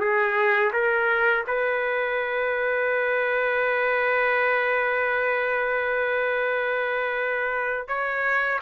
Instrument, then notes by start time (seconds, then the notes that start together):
trumpet
0.00 G#4
0.73 A#4
1.47 B4
7.88 C#5